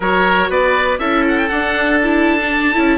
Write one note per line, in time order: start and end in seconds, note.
0.00 0.49 F#3
0.00 0.99 F#4
0.00 0.49 A#4
0.00 0.51 C#5
0.49 0.98 B3
0.49 0.99 B4
0.49 0.98 D5
0.98 1.48 C#4
0.98 1.49 E4
0.98 2.98 A4
0.98 1.23 E5
1.27 1.38 F#5
1.38 1.48 G5
1.48 2.75 D4
1.48 2.01 D4
1.48 1.98 F#5
2.03 2.39 E4
2.03 2.98 A5
2.39 2.74 D4
2.74 2.98 C#4
2.74 2.98 E4